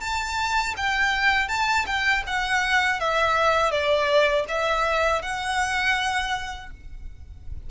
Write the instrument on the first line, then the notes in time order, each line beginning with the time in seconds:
violin
0.00 A5
0.76 G5
1.48 A5
1.86 G5
2.27 F#5
3.00 E5
3.71 D5
4.48 E5
5.22 F#5